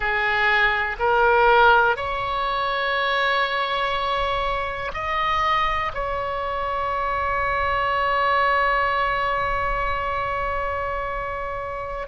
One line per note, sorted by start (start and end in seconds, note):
0.00 0.96 G#4
0.99 1.96 A#4
1.96 4.91 C#5
4.93 5.92 D#5
5.94 12.07 C#5